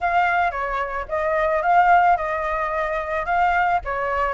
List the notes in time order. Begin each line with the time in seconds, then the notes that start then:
0.00 F5
0.51 C#5
1.08 D#5
1.62 F5
2.16 D#5
3.25 F5
3.85 C#5